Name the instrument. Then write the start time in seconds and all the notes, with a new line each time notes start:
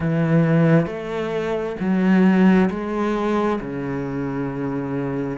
cello
0.00 E3
0.86 A3
1.80 F#3
2.69 G#3
3.60 C#3